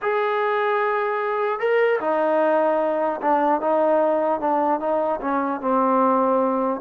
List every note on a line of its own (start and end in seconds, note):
0.02 1.59 G#4
1.59 1.99 A#4
2.00 3.20 D#4
3.21 3.60 D4
3.60 4.40 D#4
4.40 4.79 D4
4.79 5.19 D#4
5.20 5.60 C#4
5.60 6.80 C4